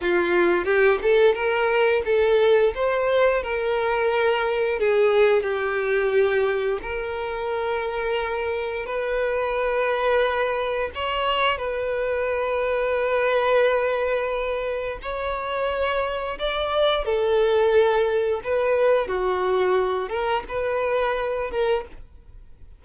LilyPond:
\new Staff \with { instrumentName = "violin" } { \time 4/4 \tempo 4 = 88 f'4 g'8 a'8 ais'4 a'4 | c''4 ais'2 gis'4 | g'2 ais'2~ | ais'4 b'2. |
cis''4 b'2.~ | b'2 cis''2 | d''4 a'2 b'4 | fis'4. ais'8 b'4. ais'8 | }